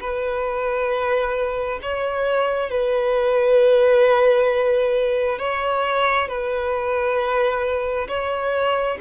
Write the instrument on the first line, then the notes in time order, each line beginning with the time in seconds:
violin
0.00 B4
1.82 C#5
2.70 B4
5.39 C#5
6.28 B4
8.08 C#5